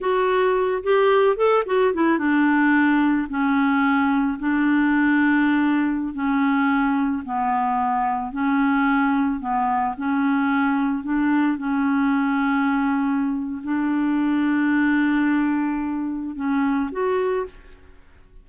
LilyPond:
\new Staff \with { instrumentName = "clarinet" } { \time 4/4 \tempo 4 = 110 fis'4. g'4 a'8 fis'8 e'8 | d'2 cis'2 | d'2.~ d'16 cis'8.~ | cis'4~ cis'16 b2 cis'8.~ |
cis'4~ cis'16 b4 cis'4.~ cis'16~ | cis'16 d'4 cis'2~ cis'8.~ | cis'4 d'2.~ | d'2 cis'4 fis'4 | }